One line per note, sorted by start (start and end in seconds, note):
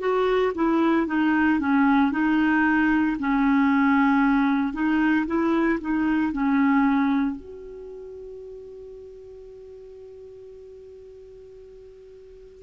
0.00 0.53 F#4
0.55 1.07 E4
1.07 1.60 D#4
1.60 2.12 C#4
2.12 3.17 D#4
3.20 4.74 C#4
4.74 5.26 D#4
5.27 5.79 E4
5.81 6.33 D#4
6.33 7.36 C#4
7.36 12.63 F#4